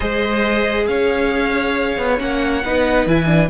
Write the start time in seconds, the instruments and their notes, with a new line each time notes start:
0.00 cello G#3, viola G#4, violin C5 D#5
0.86 cello C#4, violin C#5 F5
1.97 cello B3
2.18 cello A#3, viola C#4, violin F#5
2.63 cello B3, viola D#4, violin B4
3.06 cello E3, viola E4, violin G#5
3.26 viola D4